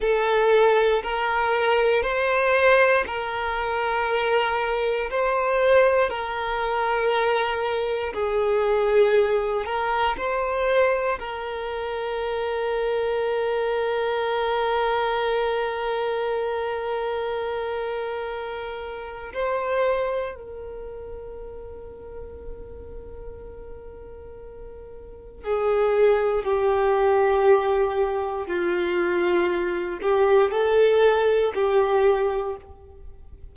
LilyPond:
\new Staff \with { instrumentName = "violin" } { \time 4/4 \tempo 4 = 59 a'4 ais'4 c''4 ais'4~ | ais'4 c''4 ais'2 | gis'4. ais'8 c''4 ais'4~ | ais'1~ |
ais'2. c''4 | ais'1~ | ais'4 gis'4 g'2 | f'4. g'8 a'4 g'4 | }